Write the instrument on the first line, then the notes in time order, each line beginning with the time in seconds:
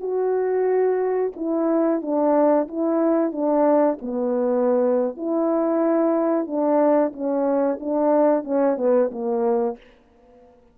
horn
0.00 F#4
1.36 E4
2.01 D4
2.68 E4
3.32 D4
4.01 B3
5.17 E4
6.46 D4
7.13 C#4
7.80 D4
8.44 C#4
8.77 B3
9.11 A#3